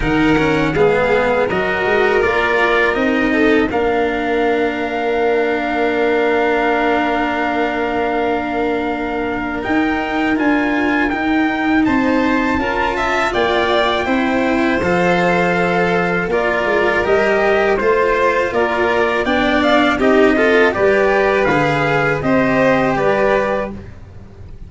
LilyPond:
<<
  \new Staff \with { instrumentName = "trumpet" } { \time 4/4 \tempo 4 = 81 fis''4 f''4 dis''4 d''4 | dis''4 f''2.~ | f''1~ | f''4 g''4 gis''4 g''4 |
a''2 g''2 | f''2 d''4 dis''4 | c''4 d''4 g''8 f''8 dis''4 | d''4 f''4 dis''4 d''4 | }
  \new Staff \with { instrumentName = "violin" } { \time 4/4 ais'4 gis'4 ais'2~ | ais'8 a'8 ais'2.~ | ais'1~ | ais'1 |
c''4 ais'8 e''8 d''4 c''4~ | c''2 ais'2 | c''4 ais'4 d''4 g'8 a'8 | b'2 c''4 b'4 | }
  \new Staff \with { instrumentName = "cello" } { \time 4/4 dis'8 cis'8 b4 fis'4 f'4 | dis'4 d'2.~ | d'1~ | d'4 dis'4 f'4 dis'4~ |
dis'4 f'2 e'4 | a'2 f'4 g'4 | f'2 d'4 dis'8 f'8 | g'4 gis'4 g'2 | }
  \new Staff \with { instrumentName = "tuba" } { \time 4/4 dis4 gis4 fis8 gis8 ais4 | c'4 ais2.~ | ais1~ | ais4 dis'4 d'4 dis'4 |
c'4 cis'4 ais4 c'4 | f2 ais8 gis8 g4 | a4 ais4 b4 c'4 | g4 d4 c'4 g4 | }
>>